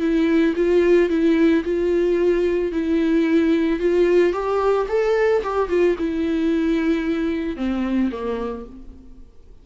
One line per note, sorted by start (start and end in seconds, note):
0.00 0.54 E4
0.56 1.10 F4
1.10 1.64 E4
1.64 2.72 F4
2.72 3.80 E4
3.80 4.33 F4
4.33 4.87 G4
4.88 5.42 A4
5.43 5.69 G4
5.69 5.96 F4
5.98 7.57 E4
7.57 8.11 C4
8.12 8.66 A#3